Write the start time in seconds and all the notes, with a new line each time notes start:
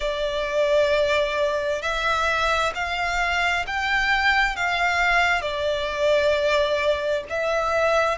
0.00 D5
1.81 E5
2.74 F5
3.67 G5
4.55 F5
5.41 D5
7.29 E5